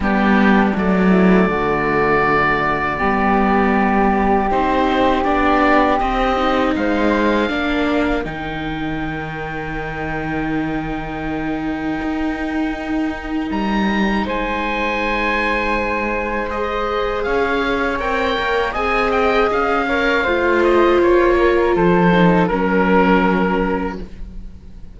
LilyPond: <<
  \new Staff \with { instrumentName = "oboe" } { \time 4/4 \tempo 4 = 80 g'4 d''2.~ | d''2 c''4 d''4 | dis''4 f''2 g''4~ | g''1~ |
g''2 ais''4 gis''4~ | gis''2 dis''4 f''4 | g''4 gis''8 g''8 f''4. dis''8 | cis''4 c''4 ais'2 | }
  \new Staff \with { instrumentName = "flute" } { \time 4/4 d'4. e'8 fis'2 | g'1~ | g'4 c''4 ais'2~ | ais'1~ |
ais'2. c''4~ | c''2. cis''4~ | cis''4 dis''4. cis''8 c''4~ | c''8 ais'8 a'4 ais'2 | }
  \new Staff \with { instrumentName = "viola" } { \time 4/4 b4 a2. | b2 dis'4 d'4 | c'8 dis'4. d'4 dis'4~ | dis'1~ |
dis'1~ | dis'2 gis'2 | ais'4 gis'4. ais'8 f'4~ | f'4. dis'8 cis'2 | }
  \new Staff \with { instrumentName = "cello" } { \time 4/4 g4 fis4 d2 | g2 c'4 b4 | c'4 gis4 ais4 dis4~ | dis1 |
dis'2 g4 gis4~ | gis2. cis'4 | c'8 ais8 c'4 cis'4 a4 | ais4 f4 fis2 | }
>>